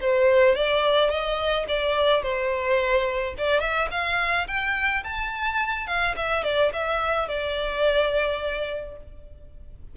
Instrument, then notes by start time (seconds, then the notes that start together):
violin
0.00 C5
0.55 D5
1.09 D#5
1.68 D5
2.22 C5
3.37 D5
3.60 E5
3.91 F5
4.47 G5
5.03 A5
5.87 F5
6.16 E5
6.43 D5
6.73 E5
7.28 D5